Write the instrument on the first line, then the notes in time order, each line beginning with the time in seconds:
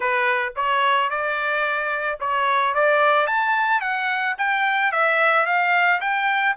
trumpet
0.00 B4
0.56 C#5
1.09 D5
2.20 C#5
2.74 D5
3.27 A5
3.81 F#5
4.38 G5
4.92 E5
5.45 F5
6.00 G5